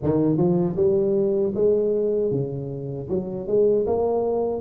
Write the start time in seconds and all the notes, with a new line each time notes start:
0.02 D#3
0.37 F3
0.76 G3
1.55 G#3
2.31 C#3
3.09 F#3
3.47 G#3
3.86 A#3